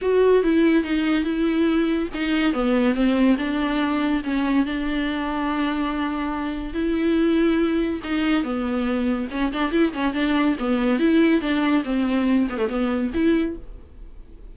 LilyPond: \new Staff \with { instrumentName = "viola" } { \time 4/4 \tempo 4 = 142 fis'4 e'4 dis'4 e'4~ | e'4 dis'4 b4 c'4 | d'2 cis'4 d'4~ | d'1 |
e'2. dis'4 | b2 cis'8 d'8 e'8 cis'8 | d'4 b4 e'4 d'4 | c'4. b16 a16 b4 e'4 | }